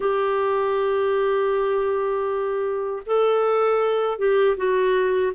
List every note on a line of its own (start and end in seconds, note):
0.00 3.02 G4
3.06 4.18 A4
4.18 4.56 G4
4.56 5.32 F#4